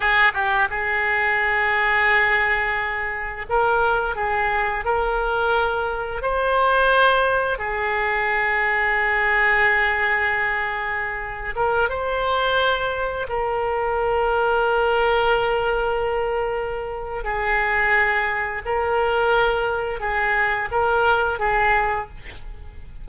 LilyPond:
\new Staff \with { instrumentName = "oboe" } { \time 4/4 \tempo 4 = 87 gis'8 g'8 gis'2.~ | gis'4 ais'4 gis'4 ais'4~ | ais'4 c''2 gis'4~ | gis'1~ |
gis'8. ais'8 c''2 ais'8.~ | ais'1~ | ais'4 gis'2 ais'4~ | ais'4 gis'4 ais'4 gis'4 | }